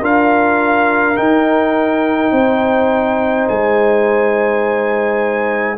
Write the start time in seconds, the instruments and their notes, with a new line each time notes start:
0.00 tuba D4, trombone F4, horn A#4, trumpet F5
1.15 trombone D#4, tuba D#4, trumpet G5
2.31 tuba C4, horn C5
3.48 tuba G#3, trumpet G#5